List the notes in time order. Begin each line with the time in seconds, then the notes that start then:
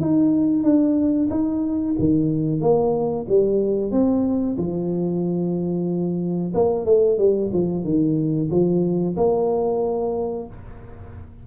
0.00 D#4
0.63 D4
1.30 D#4
1.99 D#3
2.61 A#3
3.28 G3
3.91 C4
4.57 F3
6.54 A#3
6.85 A3
7.18 G3
7.53 F3
7.84 D#3
8.50 F3
9.16 A#3